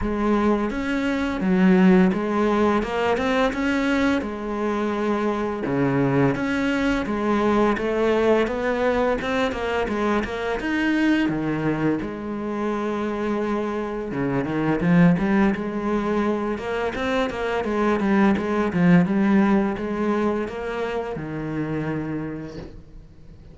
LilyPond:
\new Staff \with { instrumentName = "cello" } { \time 4/4 \tempo 4 = 85 gis4 cis'4 fis4 gis4 | ais8 c'8 cis'4 gis2 | cis4 cis'4 gis4 a4 | b4 c'8 ais8 gis8 ais8 dis'4 |
dis4 gis2. | cis8 dis8 f8 g8 gis4. ais8 | c'8 ais8 gis8 g8 gis8 f8 g4 | gis4 ais4 dis2 | }